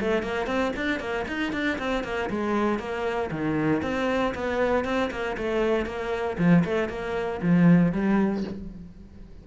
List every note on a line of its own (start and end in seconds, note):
0.00 0.22 A3
0.22 0.46 A#3
0.46 0.72 C4
0.76 0.99 D4
0.99 1.25 A#3
1.28 1.52 D#4
1.52 1.78 D4
1.78 2.03 C4
2.03 2.29 A#3
2.29 2.79 G#3
2.79 3.30 A#3
3.31 3.82 D#3
3.82 4.33 C4
4.34 4.84 B3
4.84 5.10 C4
5.11 5.36 A#3
5.37 5.85 A3
5.85 6.37 A#3
6.38 6.64 F3
6.64 6.89 A3
6.89 7.40 A#3
7.41 7.92 F3
7.92 8.43 G3